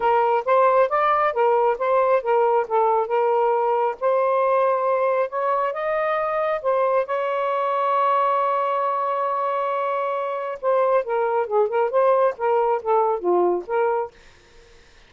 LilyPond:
\new Staff \with { instrumentName = "saxophone" } { \time 4/4 \tempo 4 = 136 ais'4 c''4 d''4 ais'4 | c''4 ais'4 a'4 ais'4~ | ais'4 c''2. | cis''4 dis''2 c''4 |
cis''1~ | cis''1 | c''4 ais'4 gis'8 ais'8 c''4 | ais'4 a'4 f'4 ais'4 | }